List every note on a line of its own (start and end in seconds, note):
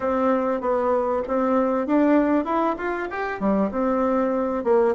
0.00 0.60 C4
0.60 1.22 B3
1.27 1.87 C4
1.87 2.44 D4
2.44 2.75 E4
2.77 3.08 F4
3.10 3.40 G4
3.40 3.71 G3
3.71 4.64 C4
4.64 4.95 A#3